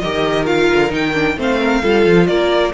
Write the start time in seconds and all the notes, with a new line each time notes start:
0.00 D#3 G4 A#4 D#5
0.46 F4 F5
0.74 D3
0.89 D#3 D#4 G5
1.14 D4
1.37 A3 C4 C5 F5
1.60 A#4
1.82 G3 F4 A4
2.06 F3
2.27 A#3 A#4 D5